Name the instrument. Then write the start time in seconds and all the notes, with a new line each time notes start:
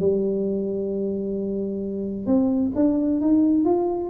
tuba
0.00 G3
2.27 C4
2.76 D4
3.21 D#4
3.65 F4